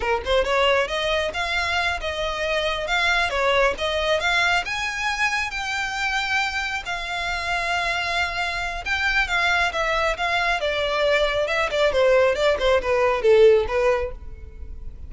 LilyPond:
\new Staff \with { instrumentName = "violin" } { \time 4/4 \tempo 4 = 136 ais'8 c''8 cis''4 dis''4 f''4~ | f''8 dis''2 f''4 cis''8~ | cis''8 dis''4 f''4 gis''4.~ | gis''8 g''2. f''8~ |
f''1 | g''4 f''4 e''4 f''4 | d''2 e''8 d''8 c''4 | d''8 c''8 b'4 a'4 b'4 | }